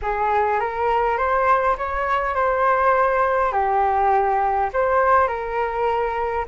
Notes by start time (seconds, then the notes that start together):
0.02 G#4
0.60 A#4
1.17 C5
1.77 C#5
2.34 C5
3.51 G4
4.73 C5
5.27 A#4